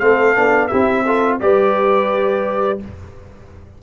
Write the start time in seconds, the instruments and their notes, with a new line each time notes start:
0.00 tuba A3, trombone C4, horn A4, trumpet F5
0.35 tuba B3, trombone D4
0.68 tuba C4, trombone E4, horn G4, trumpet E5
1.06 trombone F4, horn A4
1.40 tuba G3, trombone G4, horn B4, trumpet D5